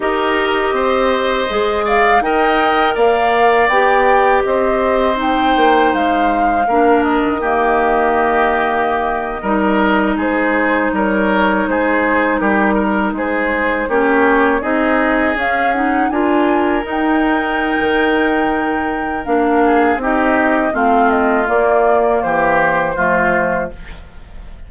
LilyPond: <<
  \new Staff \with { instrumentName = "flute" } { \time 4/4 \tempo 4 = 81 dis''2~ dis''8 f''8 g''4 | f''4 g''4 dis''4 g''4 | f''4. dis''2~ dis''8~ | dis''4.~ dis''16 c''4 cis''4 c''16~ |
c''8. ais'4 c''4 cis''4 dis''16~ | dis''8. f''8 fis''8 gis''4 g''4~ g''16~ | g''2 f''4 dis''4 | f''8 dis''8 d''4 c''2 | }
  \new Staff \with { instrumentName = "oboe" } { \time 4/4 ais'4 c''4. d''8 dis''4 | d''2 c''2~ | c''4 ais'4 g'2~ | g'8. ais'4 gis'4 ais'4 gis'16~ |
gis'8. g'8 ais'8 gis'4 g'4 gis'16~ | gis'4.~ gis'16 ais'2~ ais'16~ | ais'2~ ais'8 gis'8 g'4 | f'2 g'4 f'4 | }
  \new Staff \with { instrumentName = "clarinet" } { \time 4/4 g'2 gis'4 ais'4~ | ais'4 g'2 dis'4~ | dis'4 d'4 ais2~ | ais8. dis'2.~ dis'16~ |
dis'2~ dis'8. cis'4 dis'16~ | dis'8. cis'8 dis'8 f'4 dis'4~ dis'16~ | dis'2 d'4 dis'4 | c'4 ais2 a4 | }
  \new Staff \with { instrumentName = "bassoon" } { \time 4/4 dis'4 c'4 gis4 dis'4 | ais4 b4 c'4. ais8 | gis4 ais8. dis2~ dis16~ | dis8. g4 gis4 g4 gis16~ |
gis8. g4 gis4 ais4 c'16~ | c'8. cis'4 d'4 dis'4~ dis'16 | dis2 ais4 c'4 | a4 ais4 e4 f4 | }
>>